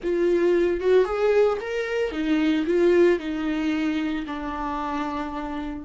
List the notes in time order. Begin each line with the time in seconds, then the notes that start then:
0.03 F4
0.80 F#4
1.05 G#4
1.60 A#4
2.11 D#4
2.66 F4
3.19 D#4
4.26 D4